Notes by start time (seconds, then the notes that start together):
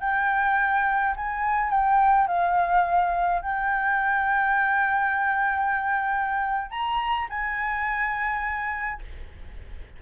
0.00 G5
1.16 G#5
1.70 G5
2.27 F5
3.42 G5
6.70 A#5
7.29 G#5